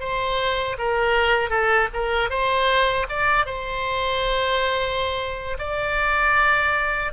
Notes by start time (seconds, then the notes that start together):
0.00 C5
0.79 A#4
1.50 A4
1.94 A#4
2.30 C5
3.09 D5
3.46 C5
5.59 D5